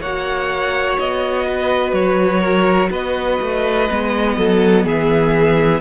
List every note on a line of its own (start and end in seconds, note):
0.00 0.97 A#3
0.00 3.89 F#4
0.00 1.46 C#5
0.00 0.98 F#5
0.98 1.92 B3
0.98 1.93 D#5
1.48 2.40 B4
1.92 2.89 F#3
1.92 2.90 C#5
2.40 2.89 A#4
2.90 3.39 B3
2.90 4.36 B4
2.90 4.85 D#5
3.41 3.89 A3
3.89 4.36 G#3
3.89 5.80 B3
4.36 4.84 F#3
4.36 4.85 A4
4.84 5.80 E3
4.84 5.80 G#4
4.84 5.80 E5